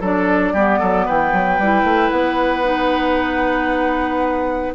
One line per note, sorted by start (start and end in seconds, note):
0.00 0.53 F#3
0.00 0.55 D4
0.00 0.53 A4
0.00 1.08 D5
0.53 0.79 G3
0.53 1.60 B3
0.53 0.79 G4
0.79 1.08 F#3
0.79 1.05 A4
1.05 1.32 E3
1.05 4.74 B4
1.05 2.09 G5
1.32 1.58 F#3
1.58 1.83 G3
1.58 2.63 E4
1.83 2.10 A3
2.09 4.75 B3
2.09 4.73 F#5
2.63 4.74 D#4